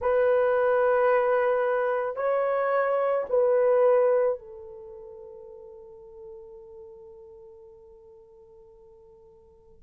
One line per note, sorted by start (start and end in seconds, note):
0.00 2.16 B4
2.16 3.25 C#5
3.29 4.38 B4
4.38 9.83 A4